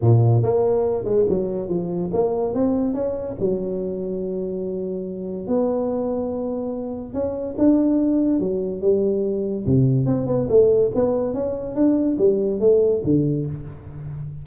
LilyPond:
\new Staff \with { instrumentName = "tuba" } { \time 4/4 \tempo 4 = 143 ais,4 ais4. gis8 fis4 | f4 ais4 c'4 cis'4 | fis1~ | fis4 b2.~ |
b4 cis'4 d'2 | fis4 g2 c4 | c'8 b8 a4 b4 cis'4 | d'4 g4 a4 d4 | }